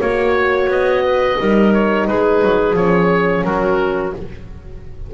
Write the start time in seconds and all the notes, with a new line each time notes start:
0.00 A#3 F#4 C#5
0.68 B3 D#5
1.04 B4
1.38 G3 D#4 A#4
1.74 C#5
2.08 G#3 G#4 B4
2.42 F#3
2.74 F3 C#4 C#5
3.44 F#3 F#4 A#4